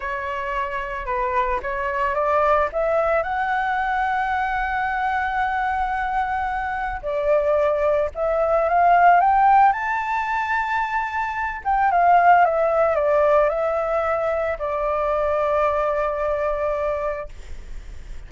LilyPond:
\new Staff \with { instrumentName = "flute" } { \time 4/4 \tempo 4 = 111 cis''2 b'4 cis''4 | d''4 e''4 fis''2~ | fis''1~ | fis''4 d''2 e''4 |
f''4 g''4 a''2~ | a''4. g''8 f''4 e''4 | d''4 e''2 d''4~ | d''1 | }